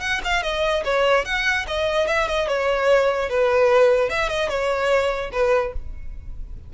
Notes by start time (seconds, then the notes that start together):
0.00 F#5
0.24 F5
0.42 D#5
0.84 C#5
1.24 F#5
1.67 D#5
2.07 E5
2.27 D#5
2.47 C#5
3.29 B4
4.09 E5
4.28 D#5
4.49 C#5
5.32 B4